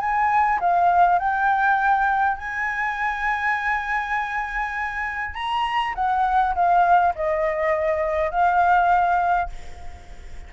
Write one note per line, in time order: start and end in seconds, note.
0.00 0.59 G#5
0.60 1.19 F5
1.19 2.37 G5
2.37 5.34 G#5
5.35 5.94 A#5
5.95 6.55 F#5
6.55 7.14 F5
7.16 8.31 D#5
8.31 9.50 F5